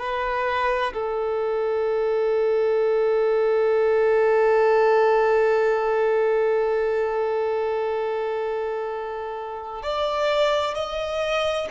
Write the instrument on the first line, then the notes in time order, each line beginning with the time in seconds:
violin
0.00 B4
0.94 A4
9.83 D5
10.75 D#5